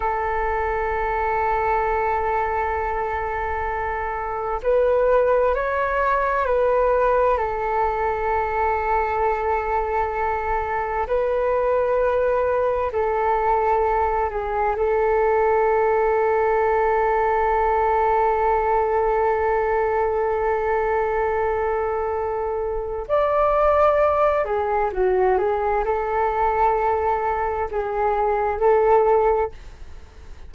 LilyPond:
\new Staff \with { instrumentName = "flute" } { \time 4/4 \tempo 4 = 65 a'1~ | a'4 b'4 cis''4 b'4 | a'1 | b'2 a'4. gis'8 |
a'1~ | a'1~ | a'4 d''4. gis'8 fis'8 gis'8 | a'2 gis'4 a'4 | }